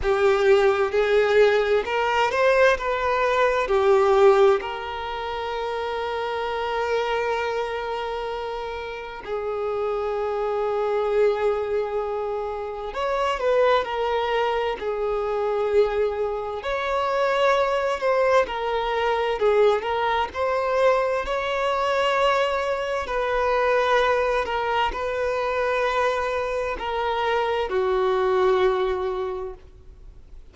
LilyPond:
\new Staff \with { instrumentName = "violin" } { \time 4/4 \tempo 4 = 65 g'4 gis'4 ais'8 c''8 b'4 | g'4 ais'2.~ | ais'2 gis'2~ | gis'2 cis''8 b'8 ais'4 |
gis'2 cis''4. c''8 | ais'4 gis'8 ais'8 c''4 cis''4~ | cis''4 b'4. ais'8 b'4~ | b'4 ais'4 fis'2 | }